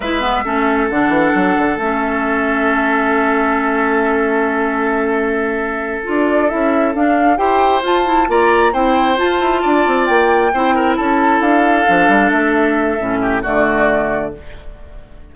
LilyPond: <<
  \new Staff \with { instrumentName = "flute" } { \time 4/4 \tempo 4 = 134 e''2 fis''2 | e''1~ | e''1~ | e''4. d''4 e''4 f''8~ |
f''8 g''4 a''4 ais''4 g''8~ | g''8 a''2 g''4.~ | g''8 a''4 f''2 e''8~ | e''2 d''2 | }
  \new Staff \with { instrumentName = "oboe" } { \time 4/4 b'4 a'2.~ | a'1~ | a'1~ | a'1~ |
a'8 c''2 d''4 c''8~ | c''4. d''2 c''8 | ais'8 a'2.~ a'8~ | a'4. g'8 fis'2 | }
  \new Staff \with { instrumentName = "clarinet" } { \time 4/4 e'8 b8 cis'4 d'2 | cis'1~ | cis'1~ | cis'4. f'4 e'4 d'8~ |
d'8 g'4 f'8 e'8 f'4 e'8~ | e'8 f'2. e'8~ | e'2~ e'8 d'4.~ | d'4 cis'4 a2 | }
  \new Staff \with { instrumentName = "bassoon" } { \time 4/4 gis4 a4 d8 e8 fis8 d8 | a1~ | a1~ | a4. d'4 cis'4 d'8~ |
d'8 e'4 f'4 ais4 c'8~ | c'8 f'8 e'8 d'8 c'8 ais4 c'8~ | c'8 cis'4 d'4 f8 g8 a8~ | a4 a,4 d2 | }
>>